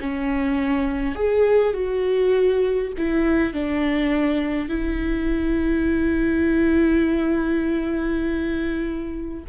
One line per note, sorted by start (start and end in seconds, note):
0.00 1.15 C#4
1.15 1.73 G#4
1.73 2.92 F#4
2.98 3.53 E4
3.53 4.68 D4
4.68 9.44 E4